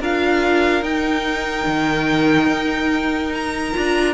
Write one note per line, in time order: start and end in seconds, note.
0.00 0.82 D4
0.00 0.82 F4
0.00 4.14 A#4
0.00 0.84 F5
0.82 1.65 D#4
0.82 3.73 D#4
0.82 3.34 G5
1.66 2.48 D#3
2.48 3.73 D#4
3.34 4.14 A#5
3.73 4.14 D4
3.73 4.14 F4